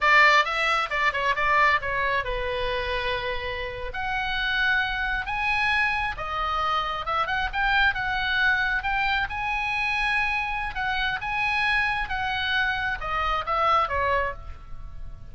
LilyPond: \new Staff \with { instrumentName = "oboe" } { \time 4/4 \tempo 4 = 134 d''4 e''4 d''8 cis''8 d''4 | cis''4 b'2.~ | b'8. fis''2. gis''16~ | gis''4.~ gis''16 dis''2 e''16~ |
e''16 fis''8 g''4 fis''2 g''16~ | g''8. gis''2.~ gis''16 | fis''4 gis''2 fis''4~ | fis''4 dis''4 e''4 cis''4 | }